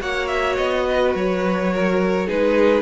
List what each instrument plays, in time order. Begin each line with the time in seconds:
0.00 cello A#3, viola F#4, violin C#5 F#5
0.28 violin E5
0.57 cello B3, violin D#5
0.90 violin B4
1.15 cello F#3, violin C#5
1.74 violin A#4
2.27 cello G#3, viola D#4, violin G#4 B4